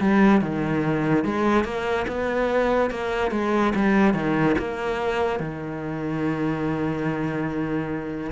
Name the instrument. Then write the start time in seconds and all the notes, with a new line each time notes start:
cello
0.00 G3
0.41 D#3
1.25 G#3
1.64 A#3
2.08 B3
2.91 A#3
3.31 G#3
3.75 G3
4.14 D#3
4.58 A#3
5.40 D#3